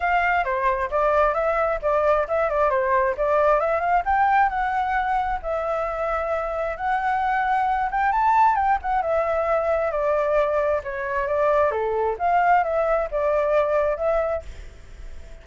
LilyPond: \new Staff \with { instrumentName = "flute" } { \time 4/4 \tempo 4 = 133 f''4 c''4 d''4 e''4 | d''4 e''8 d''8 c''4 d''4 | e''8 f''8 g''4 fis''2 | e''2. fis''4~ |
fis''4. g''8 a''4 g''8 fis''8 | e''2 d''2 | cis''4 d''4 a'4 f''4 | e''4 d''2 e''4 | }